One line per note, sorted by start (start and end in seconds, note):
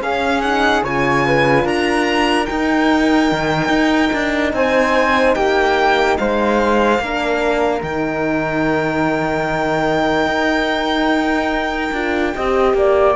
0.00 0.82 C#4
0.00 0.42 C#4
0.00 0.84 G#4
0.00 0.41 F5
0.41 0.84 D#4
0.41 0.83 F#5
0.83 1.65 C#3
0.83 2.48 F4
0.83 1.25 C#5
0.83 1.67 G#5
1.26 1.65 B4
1.65 2.47 D4
1.65 4.53 A#4
1.65 2.46 A#5
2.46 7.00 D#4
2.46 3.32 D#4
2.46 4.51 G5
3.32 3.69 D#3
3.69 4.10 D#4
4.13 4.53 D4
4.53 5.35 C4
4.53 5.35 C5
4.53 5.35 G#5
5.35 6.18 A#3
5.35 6.18 G4
5.35 6.17 G5
6.18 6.99 G#3
6.18 7.02 C5
6.18 7.82 F5
6.99 7.81 A#3
6.99 7.82 D4
6.99 12.35 A#4
7.82 10.26 D#3
7.82 11.93 D#4
7.82 13.15 G5
10.26 11.91 D#4
11.92 12.33 D4
11.92 12.35 F4
12.35 12.74 C4
12.35 13.15 G4
12.35 12.76 D#5
12.74 13.15 A#3
12.74 13.15 D5